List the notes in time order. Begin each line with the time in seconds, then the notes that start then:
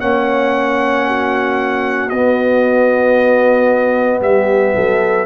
0.00 A#3 C#4 C#5 F#5
1.07 F#4
2.09 B3 D#5
4.21 G3 G4 E5
4.75 F#3 A4